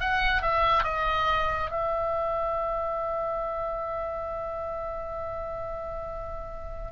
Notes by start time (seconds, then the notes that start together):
0.00 F#5
0.42 E5
0.84 D#5
1.71 E5